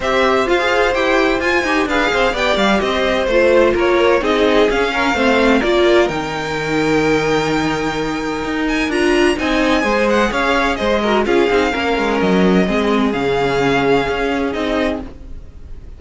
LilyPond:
<<
  \new Staff \with { instrumentName = "violin" } { \time 4/4 \tempo 4 = 128 e''4 f''4 g''4 gis''4 | f''4 g''8 f''8 dis''4 c''4 | cis''4 dis''4 f''2 | d''4 g''2.~ |
g''2~ g''8 gis''8 ais''4 | gis''4. fis''8 f''4 dis''4 | f''2 dis''2 | f''2. dis''4 | }
  \new Staff \with { instrumentName = "violin" } { \time 4/4 c''1 | b'8 c''8 d''4 c''2 | ais'4 gis'4. ais'8 c''4 | ais'1~ |
ais'1 | dis''4 c''4 cis''4 c''8 ais'8 | gis'4 ais'2 gis'4~ | gis'1 | }
  \new Staff \with { instrumentName = "viola" } { \time 4/4 g'4 f'16 gis'8. g'4 f'8 g'8 | gis'4 g'2 f'4~ | f'4 dis'4 cis'4 c'4 | f'4 dis'2.~ |
dis'2. f'4 | dis'4 gis'2~ gis'8 fis'8 | f'8 dis'8 cis'2 c'4 | cis'2. dis'4 | }
  \new Staff \with { instrumentName = "cello" } { \time 4/4 c'4 f'4 e'4 f'8 dis'8 | d'8 c'8 b8 g8 c'4 a4 | ais4 c'4 cis'4 a4 | ais4 dis2.~ |
dis2 dis'4 d'4 | c'4 gis4 cis'4 gis4 | cis'8 c'8 ais8 gis8 fis4 gis4 | cis2 cis'4 c'4 | }
>>